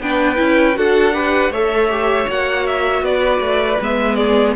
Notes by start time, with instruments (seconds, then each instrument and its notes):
0.00 cello B3, viola D4, violin B4 G5
0.36 cello C#4, viola E4
0.75 cello D4, viola F#4, violin A4 F#5
1.13 viola G4, violin B4
1.50 cello A3, viola A4, violin C#5 E5
1.90 viola G4
2.26 cello A#3, viola F#4, violin F#5
2.67 violin E5
3.02 cello B3, violin B4 D5
3.40 cello A3
3.81 cello G#3, viola B3, violin E5
4.15 violin G#4 D5